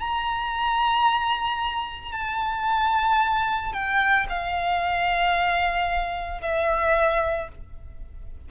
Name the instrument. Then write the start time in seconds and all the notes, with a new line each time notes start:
violin
0.00 A#5
2.12 A5
3.73 G5
4.29 F5
6.41 E5